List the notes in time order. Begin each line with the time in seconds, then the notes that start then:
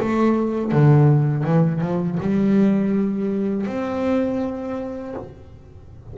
0.00 A3
0.72 D3
1.44 E3
1.81 F3
2.20 G3
3.67 C4